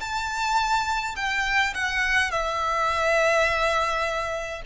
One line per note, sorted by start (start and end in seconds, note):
0.00 1.15 A5
1.16 1.74 G5
1.74 2.31 F#5
2.31 4.62 E5